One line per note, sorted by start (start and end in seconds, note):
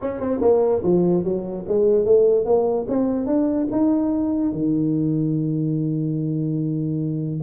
0.01 0.20 C#4
0.20 0.41 C4
0.41 0.82 A#3
0.83 1.24 F3
1.24 1.65 F#3
1.68 2.05 G#3
2.05 2.45 A3
2.45 2.86 A#3
2.88 3.26 C4
3.26 3.67 D4
3.71 4.52 D#4
4.52 7.40 D#3